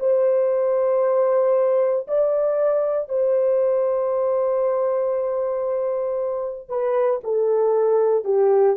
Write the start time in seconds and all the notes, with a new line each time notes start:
0.00 C5
2.08 D5
3.09 C5
6.69 B4
7.24 A4
8.25 G4